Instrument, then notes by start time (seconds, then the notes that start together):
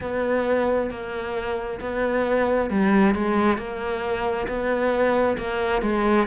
cello
0.00 B3
0.90 A#3
1.80 B3
2.70 G3
3.14 G#3
3.57 A#3
4.47 B3
5.37 A#3
5.82 G#3